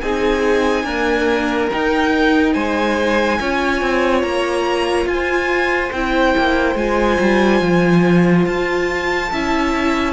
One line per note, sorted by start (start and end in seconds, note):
0.00 0.83 C4
0.00 0.86 D#4
0.00 0.84 G#4
0.00 1.69 G#5
0.83 1.71 A#3
0.83 1.68 D4
0.83 2.53 A#4
1.71 3.40 D#4
1.71 2.55 D#4
1.71 2.53 G5
2.53 3.39 G#3
2.53 3.38 C5
2.53 4.22 G#5
3.40 3.81 C#4
3.40 5.94 F4
3.40 5.09 C#5
3.81 4.23 C4
4.22 5.06 A#3
4.22 5.07 A#5
5.06 5.90 F4
5.06 5.92 G#5
5.12 9.32 C5
5.92 6.34 C4
5.92 6.78 E4
5.92 6.76 G5
6.37 6.75 A#3
6.75 7.17 G#3
6.75 9.32 F4
6.75 8.46 G#5
7.19 7.61 G3
7.61 8.46 F3
8.46 9.31 F4
8.46 10.13 A5
9.32 10.13 C#4
9.32 10.13 E4
9.32 10.13 E5